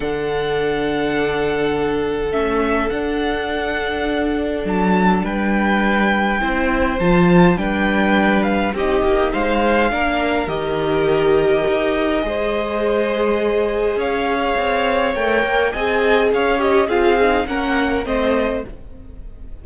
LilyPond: <<
  \new Staff \with { instrumentName = "violin" } { \time 4/4 \tempo 4 = 103 fis''1 | e''4 fis''2. | a''4 g''2. | a''4 g''4. f''8 dis''4 |
f''2 dis''2~ | dis''1 | f''2 g''4 gis''4 | f''8 dis''8 f''4 fis''4 dis''4 | }
  \new Staff \with { instrumentName = "violin" } { \time 4/4 a'1~ | a'1~ | a'4 b'2 c''4~ | c''4 b'2 g'4 |
c''4 ais'2.~ | ais'4 c''2. | cis''2. dis''4 | cis''4 gis'4 ais'4 c''4 | }
  \new Staff \with { instrumentName = "viola" } { \time 4/4 d'1 | cis'4 d'2.~ | d'2. e'4 | f'4 d'2 dis'4~ |
dis'4 d'4 g'2~ | g'4 gis'2.~ | gis'2 ais'4 gis'4~ | gis'8 g'8 f'8 dis'8 cis'4 c'4 | }
  \new Staff \with { instrumentName = "cello" } { \time 4/4 d1 | a4 d'2. | fis4 g2 c'4 | f4 g2 c'8 ais8 |
gis4 ais4 dis2 | dis'4 gis2. | cis'4 c'4 a8 ais8 c'4 | cis'4 c'4 ais4 a4 | }
>>